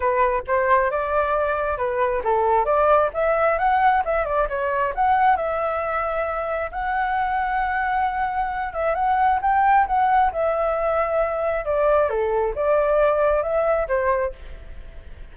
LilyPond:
\new Staff \with { instrumentName = "flute" } { \time 4/4 \tempo 4 = 134 b'4 c''4 d''2 | b'4 a'4 d''4 e''4 | fis''4 e''8 d''8 cis''4 fis''4 | e''2. fis''4~ |
fis''2.~ fis''8 e''8 | fis''4 g''4 fis''4 e''4~ | e''2 d''4 a'4 | d''2 e''4 c''4 | }